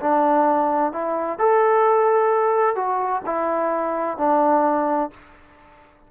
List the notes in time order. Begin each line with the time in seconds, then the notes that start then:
0.00 D4
0.92 E4
1.38 A4
2.75 F#4
3.26 E4
4.17 D4